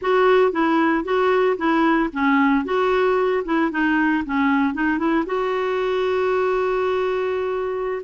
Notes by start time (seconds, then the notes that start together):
0.01 F#4
0.52 E4
1.04 F#4
1.57 E4
2.12 C#4
2.64 F#4
3.44 E4
3.71 D#4
4.25 C#4
4.73 D#4
4.98 E4
5.26 F#4